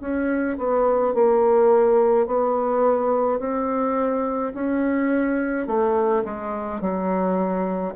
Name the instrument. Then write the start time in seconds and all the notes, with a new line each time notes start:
bassoon
0.00 C#4
0.58 B3
1.14 A#3
2.26 B3
3.39 C4
4.54 C#4
5.67 A3
6.24 G#3
6.81 F#3